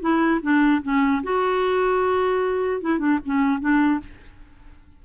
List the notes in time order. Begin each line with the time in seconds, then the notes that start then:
0.00 E4
0.42 D4
0.82 C#4
1.23 F#4
2.81 E4
2.98 D4
3.25 C#4
3.59 D4